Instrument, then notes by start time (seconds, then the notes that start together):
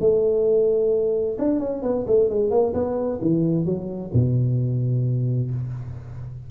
tuba
0.00 A3
1.38 D4
1.59 C#4
1.82 B3
2.07 A3
2.29 G#3
2.50 A#3
2.74 B3
3.21 E3
3.65 F#3
4.13 B2